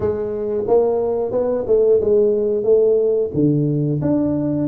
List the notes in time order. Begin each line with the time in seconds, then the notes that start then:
0.00 G#3
0.67 A#3
1.31 B3
1.67 A3
2.00 G#3
2.63 A3
3.33 D3
4.01 D4